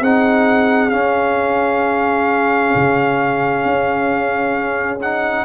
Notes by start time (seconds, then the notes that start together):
0.00 C4 D#4 G#4 F#5
0.89 C#4 F5
2.75 C#3
3.64 C#4
5.01 D#4 F#5